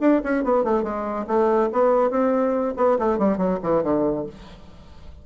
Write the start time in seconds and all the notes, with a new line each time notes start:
0.00 D4
0.23 C#4
0.44 B3
0.64 A3
0.83 G#3
1.27 A3
1.72 B3
2.10 C4
2.76 B3
2.98 A3
3.18 G3
3.37 F#3
3.63 E3
3.83 D3